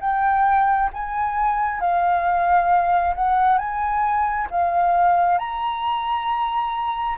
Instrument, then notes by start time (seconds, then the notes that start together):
flute
0.00 G5
0.93 G#5
1.80 F5
3.15 F#5
3.58 G#5
4.50 F5
5.38 A#5